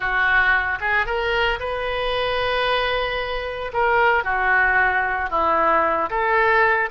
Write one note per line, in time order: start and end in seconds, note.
0.00 0.78 F#4
0.80 1.05 G#4
1.05 1.59 A#4
1.59 3.72 B4
3.73 4.24 A#4
4.24 5.30 F#4
5.30 6.09 E4
6.10 6.89 A4